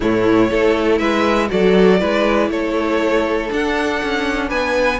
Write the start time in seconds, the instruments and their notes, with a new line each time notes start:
0.00 cello A2, viola A3, violin E4 C#5
0.49 cello A3, viola E4, violin A4
0.98 cello G#3, violin B4 E5
1.48 cello F#3, viola F#4, violin A4 D5
1.99 cello G#3, viola E4, violin B4
2.49 cello A3, violin A4 C#5
3.48 viola D4, cello D4, violin F#5
4.02 cello C#4
4.48 cello B3, violin B4 G#5